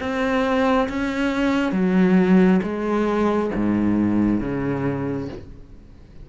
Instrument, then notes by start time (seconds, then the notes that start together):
cello
0.00 C4
0.89 C#4
1.72 F#3
2.63 G#3
3.55 G#2
4.40 C#3